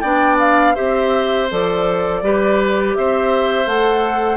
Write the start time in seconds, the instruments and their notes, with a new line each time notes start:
0.00 bassoon B3, clarinet D4, oboe D5, flute G5
0.39 flute F5
0.74 bassoon C4, clarinet G4, oboe C5, flute E5
1.51 bassoon F3, clarinet A4, flute D5
2.22 bassoon G3, clarinet G4, oboe B4
2.95 bassoon C4, oboe C5, flute E5
3.65 bassoon A3, clarinet A4, flute F#5